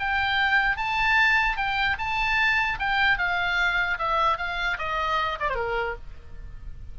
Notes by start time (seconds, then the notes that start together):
0.00 G5
0.77 A5
1.57 G5
1.99 A5
2.80 G5
3.18 F5
3.99 E5
4.38 F5
4.79 D#5
5.40 D5
5.50 A#4 C5